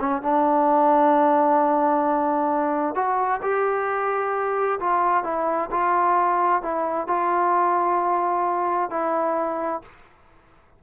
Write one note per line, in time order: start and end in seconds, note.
0.00 0.22 C#4
0.22 2.95 D4
2.95 3.41 F#4
3.42 4.80 G4
4.80 5.24 F4
5.24 5.70 E4
5.71 6.62 F4
6.62 7.07 E4
7.07 8.90 F4
8.90 9.82 E4